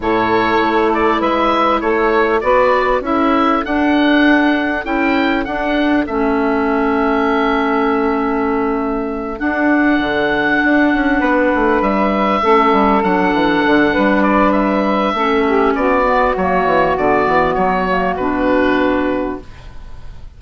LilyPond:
<<
  \new Staff \with { instrumentName = "oboe" } { \time 4/4 \tempo 4 = 99 cis''4. d''8 e''4 cis''4 | d''4 e''4 fis''2 | g''4 fis''4 e''2~ | e''2.~ e''8 fis''8~ |
fis''2.~ fis''8 e''8~ | e''4. fis''2 d''8 | e''2 d''4 cis''4 | d''4 cis''4 b'2 | }
  \new Staff \with { instrumentName = "saxophone" } { \time 4/4 a'2 b'4 a'4 | b'4 a'2.~ | a'1~ | a'1~ |
a'2~ a'8 b'4.~ | b'8 a'2~ a'8 b'4~ | b'4 a'8 g'8 fis'2~ | fis'1 | }
  \new Staff \with { instrumentName = "clarinet" } { \time 4/4 e'1 | fis'4 e'4 d'2 | e'4 d'4 cis'2~ | cis'2.~ cis'8 d'8~ |
d'1~ | d'8 cis'4 d'2~ d'8~ | d'4 cis'4. b8 ais4 | b4. ais8 d'2 | }
  \new Staff \with { instrumentName = "bassoon" } { \time 4/4 a,4 a4 gis4 a4 | b4 cis'4 d'2 | cis'4 d'4 a2~ | a2.~ a8 d'8~ |
d'8 d4 d'8 cis'8 b8 a8 g8~ | g8 a8 g8 fis8 e8 d8 g4~ | g4 a4 b4 fis8 e8 | d8 e8 fis4 b,2 | }
>>